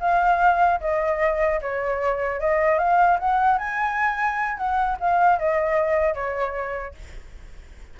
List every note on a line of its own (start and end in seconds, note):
0.00 0.80 F5
0.81 1.61 D#5
1.61 2.40 C#5
2.40 2.79 D#5
2.79 3.19 F5
3.19 3.58 F#5
3.58 4.57 G#5
4.57 4.97 F#5
5.00 5.39 F5
5.39 6.15 D#5
6.15 6.95 C#5